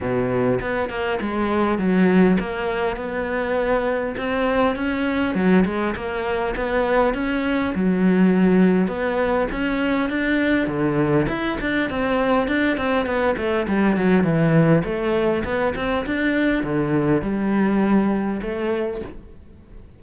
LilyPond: \new Staff \with { instrumentName = "cello" } { \time 4/4 \tempo 4 = 101 b,4 b8 ais8 gis4 fis4 | ais4 b2 c'4 | cis'4 fis8 gis8 ais4 b4 | cis'4 fis2 b4 |
cis'4 d'4 d4 e'8 d'8 | c'4 d'8 c'8 b8 a8 g8 fis8 | e4 a4 b8 c'8 d'4 | d4 g2 a4 | }